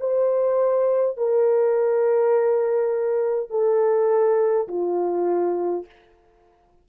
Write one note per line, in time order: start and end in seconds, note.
0.00 1.17 C5
1.17 3.50 A#4
3.50 4.67 A4
4.68 5.86 F4